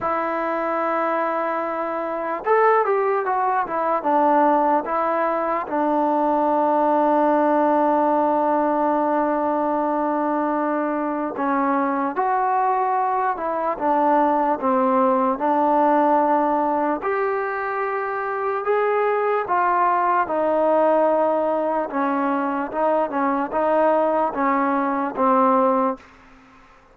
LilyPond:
\new Staff \with { instrumentName = "trombone" } { \time 4/4 \tempo 4 = 74 e'2. a'8 g'8 | fis'8 e'8 d'4 e'4 d'4~ | d'1~ | d'2 cis'4 fis'4~ |
fis'8 e'8 d'4 c'4 d'4~ | d'4 g'2 gis'4 | f'4 dis'2 cis'4 | dis'8 cis'8 dis'4 cis'4 c'4 | }